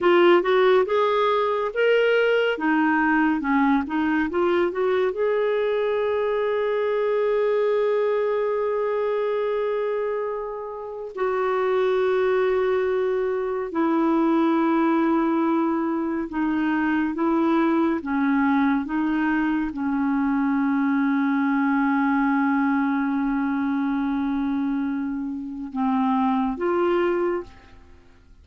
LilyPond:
\new Staff \with { instrumentName = "clarinet" } { \time 4/4 \tempo 4 = 70 f'8 fis'8 gis'4 ais'4 dis'4 | cis'8 dis'8 f'8 fis'8 gis'2~ | gis'1~ | gis'4 fis'2. |
e'2. dis'4 | e'4 cis'4 dis'4 cis'4~ | cis'1~ | cis'2 c'4 f'4 | }